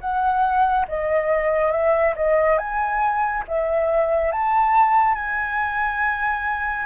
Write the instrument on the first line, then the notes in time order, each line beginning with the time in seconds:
flute
0.00 F#5
0.88 D#5
1.71 E5
2.15 D#5
2.58 G#5
3.48 E5
4.32 A5
5.14 G#5